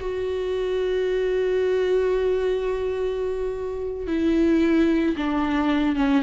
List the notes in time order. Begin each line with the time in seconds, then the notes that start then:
0.00 F#4
4.07 E4
5.17 D4
5.96 C#4